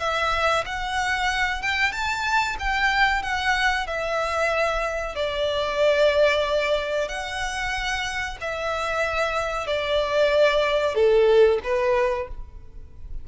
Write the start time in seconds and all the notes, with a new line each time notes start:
0.00 E5
0.66 F#5
1.62 G5
1.92 A5
2.60 G5
3.23 F#5
3.87 E5
5.16 D5
7.09 F#5
8.41 E5
9.67 D5
10.95 A4
11.64 B4